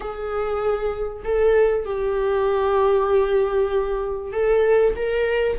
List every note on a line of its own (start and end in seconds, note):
0.00 1.23 G#4
1.24 1.85 A4
1.85 4.32 G4
4.32 4.94 A4
4.96 5.58 A#4